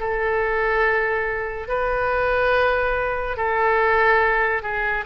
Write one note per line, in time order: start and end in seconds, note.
0.00 1.68 A4
1.68 3.37 B4
3.37 4.62 A4
4.62 5.05 G#4